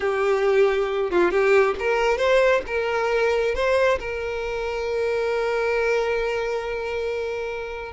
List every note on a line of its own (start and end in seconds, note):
0.00 1.10 G4
1.10 1.31 F4
1.31 1.75 G4
1.79 2.17 A#4
2.17 2.61 C5
2.67 3.54 A#4
3.54 3.98 C5
3.99 7.92 A#4